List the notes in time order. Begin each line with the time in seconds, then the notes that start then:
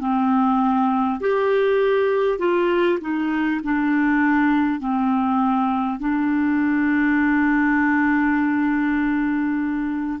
0.00 C4
1.20 G4
2.38 F4
3.00 D#4
3.63 D4
4.79 C4
5.99 D4